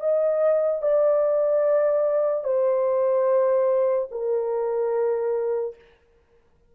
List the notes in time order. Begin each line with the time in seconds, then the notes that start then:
0.00 D#5
0.82 D5
2.44 C5
4.11 A#4